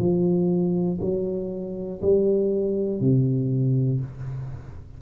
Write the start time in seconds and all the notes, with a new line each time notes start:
0.00 F3
1.01 F#3
2.02 G3
3.01 C3